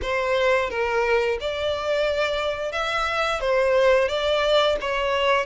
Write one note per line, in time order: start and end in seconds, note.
0.02 0.70 C5
0.70 1.38 A#4
1.40 2.72 D5
2.72 3.40 E5
3.40 4.08 C5
4.08 4.76 D5
4.80 5.46 C#5